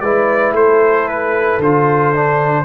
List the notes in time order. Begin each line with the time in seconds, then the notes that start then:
0.00 G#3 E4 B4 D5
0.52 A3 A4 C5
1.08 B4
1.58 D3 F4 C5
2.14 D4